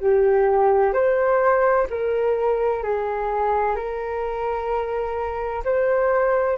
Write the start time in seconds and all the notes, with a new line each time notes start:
0.00 G4
0.93 C5
1.90 A#4
2.83 G#4
3.76 A#4
5.65 C5